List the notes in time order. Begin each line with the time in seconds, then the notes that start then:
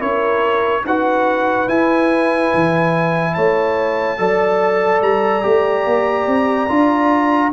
0.00 C#4 E4 A#4 C#5
0.85 D#4 F#4 B4 F#5
1.68 E4 G#5
2.55 E3
3.35 A3 C#5 A5
4.18 F#3 A4 D5
5.02 G3 A#5
5.43 A3 G4
5.86 A#3
6.27 C4
6.69 D4 F4